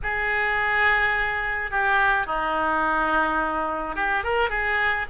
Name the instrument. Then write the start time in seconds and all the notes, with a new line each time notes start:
oboe
0.03 G#4
1.70 G4
2.26 D#4
3.95 G4
4.23 A#4
4.49 G#4